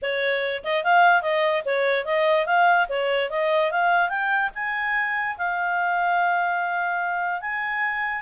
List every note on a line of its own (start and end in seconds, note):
0.01 0.63 C#5
0.64 0.84 D#5
0.84 1.22 F5
1.22 1.63 D#5
1.65 2.05 C#5
2.05 2.46 D#5
2.46 2.87 F5
2.88 3.30 C#5
3.30 3.71 D#5
3.71 4.09 F5
4.09 4.50 G5
4.54 5.36 G#5
5.37 7.41 F5
7.41 8.21 G#5